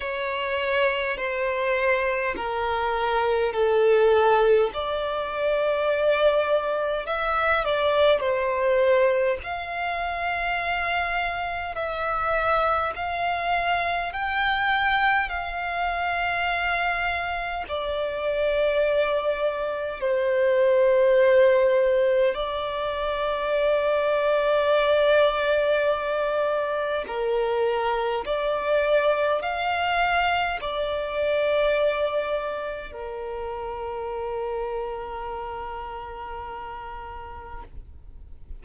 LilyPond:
\new Staff \with { instrumentName = "violin" } { \time 4/4 \tempo 4 = 51 cis''4 c''4 ais'4 a'4 | d''2 e''8 d''8 c''4 | f''2 e''4 f''4 | g''4 f''2 d''4~ |
d''4 c''2 d''4~ | d''2. ais'4 | d''4 f''4 d''2 | ais'1 | }